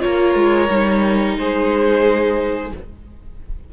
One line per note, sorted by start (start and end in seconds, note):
0.00 0.35 A#3
0.00 0.67 F4
0.00 1.39 A#4
0.00 1.36 C#5
0.35 0.69 G#3
0.71 1.38 G3
0.71 2.73 D#4
1.38 2.73 G#3
1.38 2.73 G#4
1.38 2.73 C5